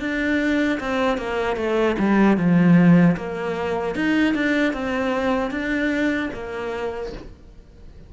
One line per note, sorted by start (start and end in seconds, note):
0.00 0.79 D4
0.80 1.18 C4
1.18 1.56 A#3
1.56 1.96 A3
1.98 2.37 G3
2.37 3.16 F3
3.16 3.95 A#3
3.95 4.34 D#4
4.34 4.73 D4
4.73 5.50 C4
5.50 6.29 D4
6.34 7.13 A#3